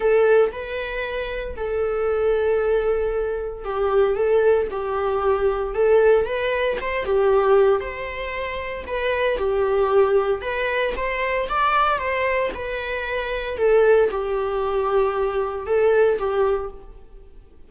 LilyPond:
\new Staff \with { instrumentName = "viola" } { \time 4/4 \tempo 4 = 115 a'4 b'2 a'4~ | a'2. g'4 | a'4 g'2 a'4 | b'4 c''8 g'4. c''4~ |
c''4 b'4 g'2 | b'4 c''4 d''4 c''4 | b'2 a'4 g'4~ | g'2 a'4 g'4 | }